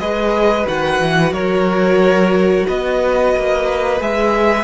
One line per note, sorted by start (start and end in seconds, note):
0.00 0.67 G#3
0.00 0.66 G#4
0.00 1.33 B4
0.00 0.67 D#5
0.66 1.00 D#3
0.66 3.99 F#4
0.66 1.33 F#5
1.00 1.32 E3
1.32 2.65 F#3
1.32 2.66 A#4
1.32 2.67 C#5
2.68 3.36 B3
2.68 4.64 B4
2.68 4.02 D#5
3.37 4.01 A#3
4.01 4.64 G#3
4.01 4.64 G#4
4.01 4.64 E5